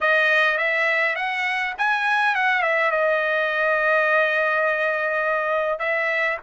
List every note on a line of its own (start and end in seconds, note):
0.00 0.57 D#5
0.57 1.15 E5
1.15 1.73 F#5
1.78 2.35 G#5
2.35 2.62 F#5
2.62 2.91 E5
2.91 5.79 D#5
5.79 6.37 E5